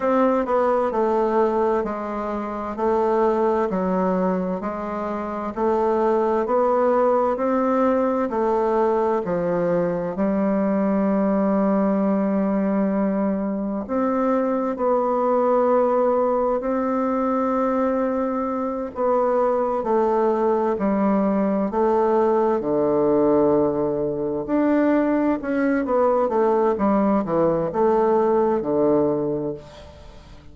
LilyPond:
\new Staff \with { instrumentName = "bassoon" } { \time 4/4 \tempo 4 = 65 c'8 b8 a4 gis4 a4 | fis4 gis4 a4 b4 | c'4 a4 f4 g4~ | g2. c'4 |
b2 c'2~ | c'8 b4 a4 g4 a8~ | a8 d2 d'4 cis'8 | b8 a8 g8 e8 a4 d4 | }